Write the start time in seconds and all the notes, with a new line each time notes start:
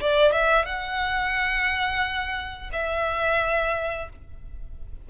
0.00 D5
0.32 E5
0.65 F#5
2.72 E5